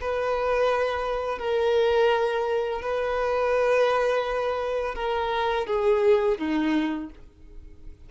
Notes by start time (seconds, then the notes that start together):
0.00 B4
1.38 A#4
2.81 B4
4.95 A#4
5.66 G#4
6.38 D#4